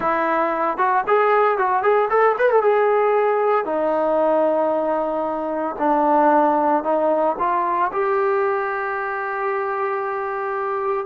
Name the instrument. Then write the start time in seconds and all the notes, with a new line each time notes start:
trombone
0.00 E4
0.77 F#4
1.07 G#4
1.57 F#4
1.82 G#4
2.09 A4
2.38 B4
2.50 A4
2.62 G#4
3.65 D#4
5.78 D4
6.83 D#4
7.38 F4
7.92 G4